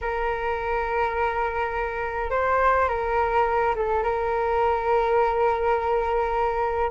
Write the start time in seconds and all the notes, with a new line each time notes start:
0.01 A#4
2.30 C5
2.88 A#4
3.75 A4
4.03 A#4